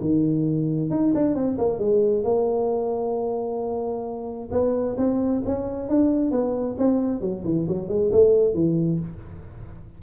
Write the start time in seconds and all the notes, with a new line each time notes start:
0.00 D#3
0.90 D#4
1.14 D4
1.34 C4
1.58 A#3
1.78 G#3
2.23 A#3
4.51 B3
4.97 C4
5.45 C#4
5.89 D4
6.31 B3
6.78 C4
7.20 F#3
7.44 E3
7.68 F#3
7.88 G#3
8.12 A3
8.54 E3